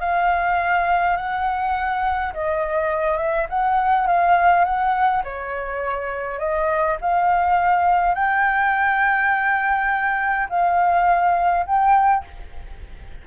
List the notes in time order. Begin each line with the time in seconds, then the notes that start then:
0.00 F5
1.17 F#5
2.33 D#5
3.17 E5
3.49 F#5
4.07 F5
4.64 F#5
5.24 C#5
6.39 D#5
7.01 F5
8.14 G5
10.49 F5
11.66 G5